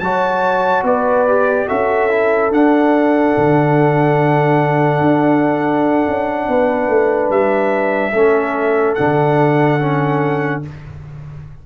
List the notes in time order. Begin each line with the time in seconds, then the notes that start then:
0.00 F#3 F#4 C#5 A5
0.83 B3 B4 D5
1.28 G4
1.68 C#4 F#4 A4 E5
2.10 E4
2.51 D4 F#5
3.38 D3
5.01 D4
6.08 C#4
6.48 B3 B4
6.88 A3
7.30 G3 E5
8.14 A3 C#4 A4
8.95 D3 D4 F#5
9.80 C#4